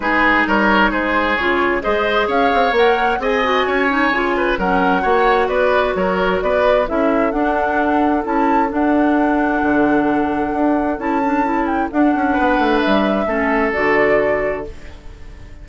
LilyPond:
<<
  \new Staff \with { instrumentName = "flute" } { \time 4/4 \tempo 4 = 131 b'4 cis''4 c''4 cis''4 | dis''4 f''4 fis''4 gis''4~ | gis''2 fis''2 | d''4 cis''4 d''4 e''4 |
fis''2 a''4 fis''4~ | fis''1 | a''4. g''8 fis''2 | e''2 d''2 | }
  \new Staff \with { instrumentName = "oboe" } { \time 4/4 gis'4 ais'4 gis'2 | c''4 cis''2 dis''4 | cis''4. b'8 ais'4 cis''4 | b'4 ais'4 b'4 a'4~ |
a'1~ | a'1~ | a'2. b'4~ | b'4 a'2. | }
  \new Staff \with { instrumentName = "clarinet" } { \time 4/4 dis'2. f'4 | gis'2 ais'4 gis'8 fis'8~ | fis'8 dis'8 f'4 cis'4 fis'4~ | fis'2. e'4 |
d'2 e'4 d'4~ | d'1 | e'8 d'8 e'4 d'2~ | d'4 cis'4 fis'2 | }
  \new Staff \with { instrumentName = "bassoon" } { \time 4/4 gis4 g4 gis4 cis4 | gis4 cis'8 c'8 ais4 c'4 | cis'4 cis4 fis4 ais4 | b4 fis4 b4 cis'4 |
d'2 cis'4 d'4~ | d'4 d2 d'4 | cis'2 d'8 cis'8 b8 a8 | g4 a4 d2 | }
>>